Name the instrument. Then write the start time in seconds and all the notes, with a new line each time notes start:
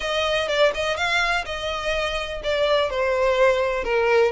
violin
0.00 D#5
0.48 D5
0.74 D#5
0.96 F5
1.45 D#5
2.43 D5
2.90 C5
3.84 A#4